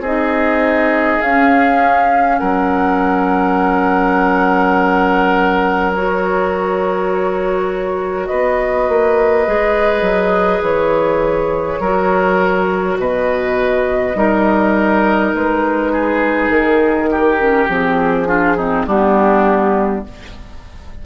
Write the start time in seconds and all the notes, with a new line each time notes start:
0.00 C4 D#4 G#4 D#5
1.21 C#4 F5
2.38 F#3 A#4 F#5
5.92 F#4 C#5
8.26 B3 B4 D#5
8.88 A#3
9.46 G#3 G#4
10.01 F#3
10.61 E3 C#5
11.80 F#3 F#4 A#4
12.98 B2 B4 D#5
14.14 G3 D#4 A#4
15.34 G#3 B4
15.92 G#4
16.49 D#3 A#4
17.10 G4
17.38 C#4
17.68 F3 C4 G#4
18.27 D4 F4
18.56 C4 D#4
18.86 G3 B3 D4 G4